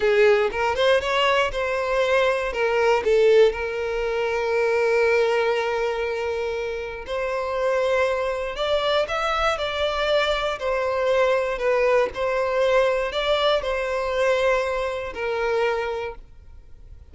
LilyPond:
\new Staff \with { instrumentName = "violin" } { \time 4/4 \tempo 4 = 119 gis'4 ais'8 c''8 cis''4 c''4~ | c''4 ais'4 a'4 ais'4~ | ais'1~ | ais'2 c''2~ |
c''4 d''4 e''4 d''4~ | d''4 c''2 b'4 | c''2 d''4 c''4~ | c''2 ais'2 | }